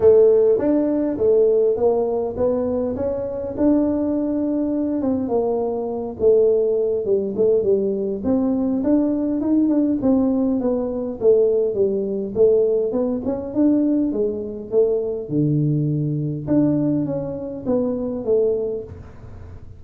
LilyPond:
\new Staff \with { instrumentName = "tuba" } { \time 4/4 \tempo 4 = 102 a4 d'4 a4 ais4 | b4 cis'4 d'2~ | d'8 c'8 ais4. a4. | g8 a8 g4 c'4 d'4 |
dis'8 d'8 c'4 b4 a4 | g4 a4 b8 cis'8 d'4 | gis4 a4 d2 | d'4 cis'4 b4 a4 | }